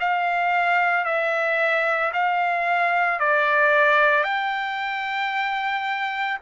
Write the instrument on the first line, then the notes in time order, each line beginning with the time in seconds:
trumpet
0.00 F5
1.05 E5
2.13 F5
3.19 D5
4.24 G5